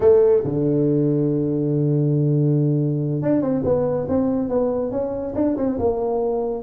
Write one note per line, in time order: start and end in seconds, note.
0.00 0.43 A3
0.44 3.22 D3
3.22 3.41 D4
3.41 3.63 C4
3.64 4.07 B3
4.08 4.49 C4
4.49 4.91 B3
4.91 5.34 C#4
5.35 5.56 D4
5.56 5.78 C4
5.78 6.63 A#3